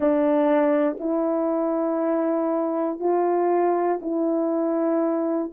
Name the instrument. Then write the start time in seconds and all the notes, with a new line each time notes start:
horn
0.00 D4
1.00 E4
3.00 F4
4.01 E4